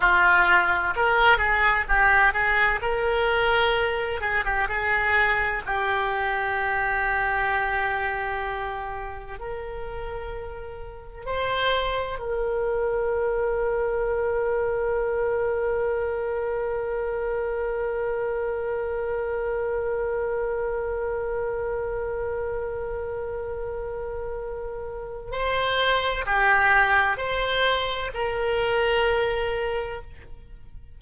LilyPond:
\new Staff \with { instrumentName = "oboe" } { \time 4/4 \tempo 4 = 64 f'4 ais'8 gis'8 g'8 gis'8 ais'4~ | ais'8 gis'16 g'16 gis'4 g'2~ | g'2 ais'2 | c''4 ais'2.~ |
ais'1~ | ais'1~ | ais'2. c''4 | g'4 c''4 ais'2 | }